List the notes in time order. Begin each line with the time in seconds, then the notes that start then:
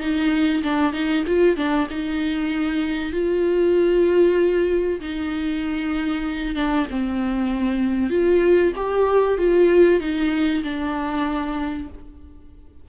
0.00 D#4
0.63 D4
0.93 D#4
1.27 F4
1.57 D4
1.90 D#4
3.13 F4
5.01 D#4
6.55 D4
6.91 C4
8.10 F4
8.76 G4
9.38 F4
10.01 D#4
10.64 D4